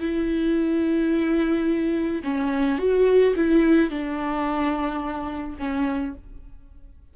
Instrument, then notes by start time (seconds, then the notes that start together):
viola
0.00 E4
2.24 C#4
2.79 F#4
3.36 E4
3.90 D4
5.59 C#4